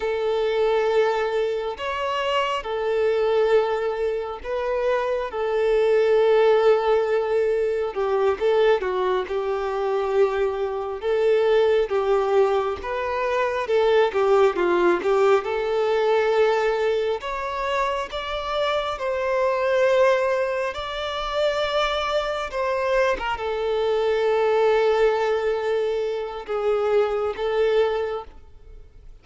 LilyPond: \new Staff \with { instrumentName = "violin" } { \time 4/4 \tempo 4 = 68 a'2 cis''4 a'4~ | a'4 b'4 a'2~ | a'4 g'8 a'8 fis'8 g'4.~ | g'8 a'4 g'4 b'4 a'8 |
g'8 f'8 g'8 a'2 cis''8~ | cis''8 d''4 c''2 d''8~ | d''4. c''8. ais'16 a'4.~ | a'2 gis'4 a'4 | }